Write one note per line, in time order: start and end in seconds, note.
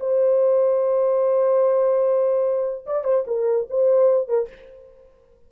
0.00 2.86 C5
2.86 3.04 D5
3.04 3.25 C5
3.27 3.68 A#4
3.70 4.29 C5
4.29 4.49 A#4